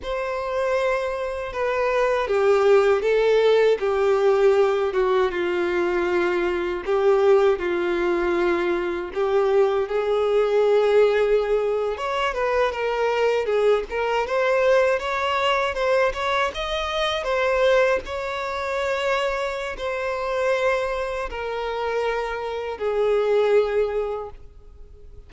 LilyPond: \new Staff \with { instrumentName = "violin" } { \time 4/4 \tempo 4 = 79 c''2 b'4 g'4 | a'4 g'4. fis'8 f'4~ | f'4 g'4 f'2 | g'4 gis'2~ gis'8. cis''16~ |
cis''16 b'8 ais'4 gis'8 ais'8 c''4 cis''16~ | cis''8. c''8 cis''8 dis''4 c''4 cis''16~ | cis''2 c''2 | ais'2 gis'2 | }